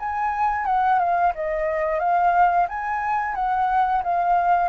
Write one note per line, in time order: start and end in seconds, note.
0.00 0.66 G#5
0.66 0.99 F#5
0.99 1.33 F5
1.35 2.00 D#5
2.00 2.68 F5
2.69 3.36 G#5
3.36 4.03 F#5
4.04 4.69 F5